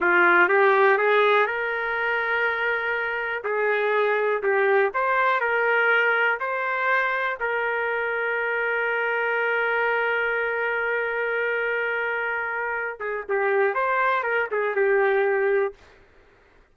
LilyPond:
\new Staff \with { instrumentName = "trumpet" } { \time 4/4 \tempo 4 = 122 f'4 g'4 gis'4 ais'4~ | ais'2. gis'4~ | gis'4 g'4 c''4 ais'4~ | ais'4 c''2 ais'4~ |
ais'1~ | ais'1~ | ais'2~ ais'8 gis'8 g'4 | c''4 ais'8 gis'8 g'2 | }